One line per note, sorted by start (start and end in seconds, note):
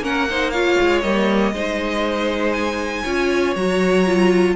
0.00 0.76 A#3
0.00 0.27 C#4
0.00 0.28 A#4
0.00 0.50 F#5
0.30 0.54 D#4
0.30 0.52 C5
0.50 1.04 F4
0.50 1.53 C#5
0.50 1.01 F5
0.81 1.04 G#3
1.01 1.52 G3
1.01 1.54 A#3
1.01 2.53 D#5
1.52 3.03 G#3
1.52 3.06 D#4
1.52 3.03 C5
2.53 3.54 G#5
3.03 3.56 C#4
3.03 3.56 F4
3.03 4.54 C#5
3.56 4.56 F#3
3.56 4.07 F#4
3.56 4.56 A#5
4.07 4.56 F4